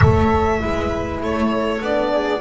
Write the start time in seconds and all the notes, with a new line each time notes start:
0.00 A3 A4 C#5 E5
0.59 G#3 E4 B4
1.20 A3 A4 C#5
1.80 B3 D4 D5
2.12 G#4